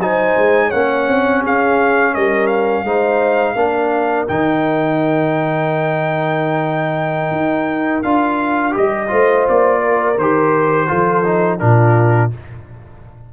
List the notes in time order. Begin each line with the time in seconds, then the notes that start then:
0.00 F#3 D#4 C5 G#5
0.37 G#3
0.67 C#4 C#5 F#5
0.74 A#3
1.08 C4
1.42 C#4 G#4 F5
2.14 G3 A#4 D#5
2.47 F5
2.84 G#3 D#4 C5
3.55 A#3 D4 A#4
4.28 D#3 D#4 G5
7.31 D#4
8.03 D4 F4 F5
8.71 G3 G4 D#5
9.08 A3 F4 C5
9.49 A#3 D5
9.80 A#4
10.18 D#3 G4 C5
10.88 F3 F4 A4
11.24 D#4
11.59 A#2 D4 F4 A#4